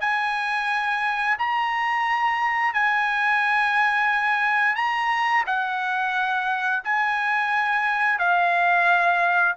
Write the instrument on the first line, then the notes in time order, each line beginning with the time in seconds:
trumpet
0.00 G#5
1.38 A#5
2.73 G#5
4.75 A#5
5.46 F#5
6.84 G#5
8.18 F5